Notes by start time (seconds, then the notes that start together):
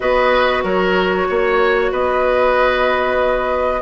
0.00 B3 F#4 B4 D#5
0.63 F#3 A#4 C#5
1.29 A#3 C#5
1.91 B3 B4 D#5